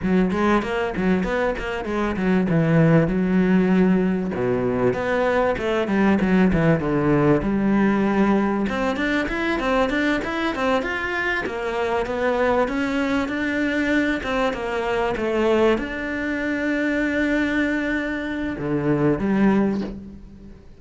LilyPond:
\new Staff \with { instrumentName = "cello" } { \time 4/4 \tempo 4 = 97 fis8 gis8 ais8 fis8 b8 ais8 gis8 fis8 | e4 fis2 b,4 | b4 a8 g8 fis8 e8 d4 | g2 c'8 d'8 e'8 c'8 |
d'8 e'8 c'8 f'4 ais4 b8~ | b8 cis'4 d'4. c'8 ais8~ | ais8 a4 d'2~ d'8~ | d'2 d4 g4 | }